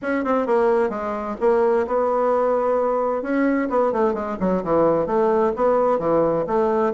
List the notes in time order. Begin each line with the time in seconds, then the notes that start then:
0.01 C#4
0.24 C4
0.46 A#3
0.89 G#3
1.40 A#3
1.87 B3
3.22 C#4
3.69 B3
3.92 A3
4.13 G#3
4.40 F#3
4.63 E3
5.06 A3
5.56 B3
5.99 E3
6.47 A3